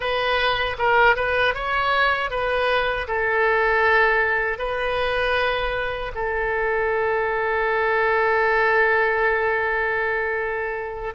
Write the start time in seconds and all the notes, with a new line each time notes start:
0.00 B4
0.78 A#4
1.15 B4
1.54 C#5
2.30 B4
3.07 A4
4.58 B4
6.15 A4